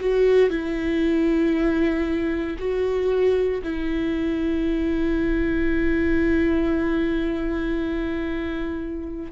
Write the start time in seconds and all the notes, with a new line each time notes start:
0.00 F#4
0.50 E4
2.59 F#4
3.63 E4